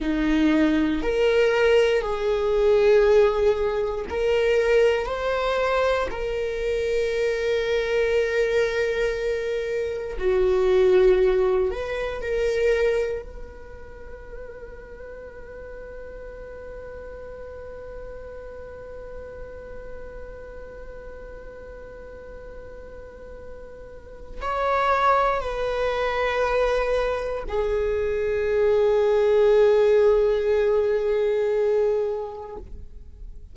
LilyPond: \new Staff \with { instrumentName = "viola" } { \time 4/4 \tempo 4 = 59 dis'4 ais'4 gis'2 | ais'4 c''4 ais'2~ | ais'2 fis'4. b'8 | ais'4 b'2.~ |
b'1~ | b'1 | cis''4 b'2 gis'4~ | gis'1 | }